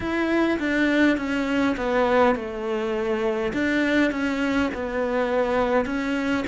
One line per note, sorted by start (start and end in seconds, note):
0.00 0.58 E4
0.59 1.17 D4
1.17 1.75 C#4
1.76 2.35 B3
2.35 3.52 A3
3.53 4.11 D4
4.11 4.70 C#4
4.73 5.85 B3
5.85 6.44 C#4